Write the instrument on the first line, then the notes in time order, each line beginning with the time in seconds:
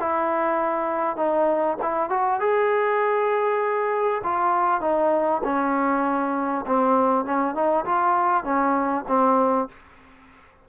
trombone
0.00 E4
1.17 D#4
1.82 E4
2.10 F#4
2.40 G#4
4.23 F4
4.81 D#4
5.44 C#4
6.66 C4
7.25 C#4
7.55 D#4
7.85 F4
8.44 C#4
9.08 C4